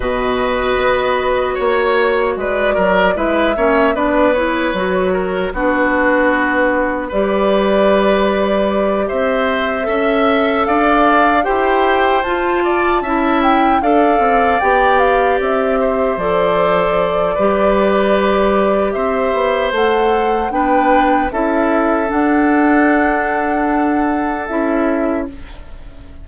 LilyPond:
<<
  \new Staff \with { instrumentName = "flute" } { \time 4/4 \tempo 4 = 76 dis''2 cis''4 d''4 | e''4 d''8 cis''4. b'4~ | b'4 d''2~ d''8 e''8~ | e''4. f''4 g''4 a''8~ |
a''4 g''8 f''4 g''8 f''8 e''8~ | e''8 d''2.~ d''8 | e''4 fis''4 g''4 e''4 | fis''2. e''4 | }
  \new Staff \with { instrumentName = "oboe" } { \time 4/4 b'2 cis''4 b'8 ais'8 | b'8 cis''8 b'4. ais'8 fis'4~ | fis'4 b'2~ b'8 c''8~ | c''8 e''4 d''4 c''4. |
d''8 e''4 d''2~ d''8 | c''2 b'2 | c''2 b'4 a'4~ | a'1 | }
  \new Staff \with { instrumentName = "clarinet" } { \time 4/4 fis'1 | e'8 cis'8 d'8 e'8 fis'4 d'4~ | d'4 g'2.~ | g'8 a'2 g'4 f'8~ |
f'8 e'4 a'4 g'4.~ | g'8 a'4. g'2~ | g'4 a'4 d'4 e'4 | d'2. e'4 | }
  \new Staff \with { instrumentName = "bassoon" } { \time 4/4 b,4 b4 ais4 gis8 fis8 | gis8 ais8 b4 fis4 b4~ | b4 g2~ g8 c'8~ | c'8 cis'4 d'4 e'4 f'8~ |
f'8 cis'4 d'8 c'8 b4 c'8~ | c'8 f4. g2 | c'8 b8 a4 b4 cis'4 | d'2. cis'4 | }
>>